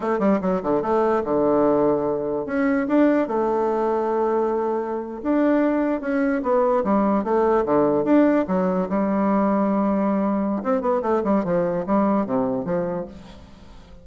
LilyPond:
\new Staff \with { instrumentName = "bassoon" } { \time 4/4 \tempo 4 = 147 a8 g8 fis8 d8 a4 d4~ | d2 cis'4 d'4 | a1~ | a8. d'2 cis'4 b16~ |
b8. g4 a4 d4 d'16~ | d'8. fis4 g2~ g16~ | g2 c'8 b8 a8 g8 | f4 g4 c4 f4 | }